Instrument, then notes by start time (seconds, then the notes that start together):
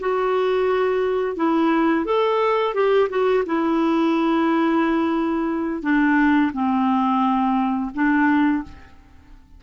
clarinet
0.00 F#4
1.36 E4
2.05 A4
2.75 G4
3.10 F#4
3.46 E4
5.83 D4
6.53 C4
7.94 D4